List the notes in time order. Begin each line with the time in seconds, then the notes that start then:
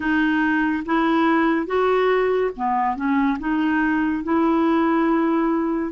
0.00 D#4
0.85 E4
1.66 F#4
2.56 B3
2.95 C#4
3.39 D#4
4.23 E4